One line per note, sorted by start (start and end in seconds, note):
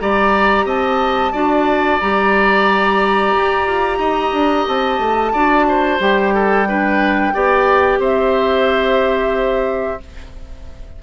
0.00 0.65 G3
0.00 1.33 G4
0.00 0.66 D5
0.00 0.67 A#5
0.65 1.32 C4
0.65 1.32 D#5
0.65 2.00 A5
1.32 2.01 D4
1.32 2.00 F#4
1.32 3.99 D5
2.00 3.35 G3
2.00 5.34 G4
2.00 4.67 A#5
3.36 3.67 G4
3.67 3.99 F4
3.99 4.32 D#4
3.99 5.32 D#5
4.32 4.66 D4
4.68 4.99 C4
4.68 6.01 A5
4.99 5.32 A3
5.33 6.00 D4
5.33 6.00 F#4
5.33 5.66 D5
5.68 6.35 C5
6.00 7.33 G3
6.00 6.66 G4
6.00 8.02 G5
6.35 6.68 A4
6.68 7.33 D4
6.68 7.34 B4
7.33 7.99 B3
7.33 10.00 G4
7.33 8.00 D5
7.99 9.99 C4
7.99 10.00 C5
7.99 10.03 E5